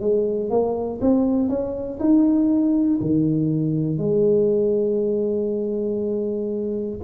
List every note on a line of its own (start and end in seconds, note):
0.00 0.50 G#3
0.50 1.00 A#3
1.01 1.49 C4
1.49 1.99 C#4
2.00 3.00 D#4
3.00 3.98 D#3
3.98 6.98 G#3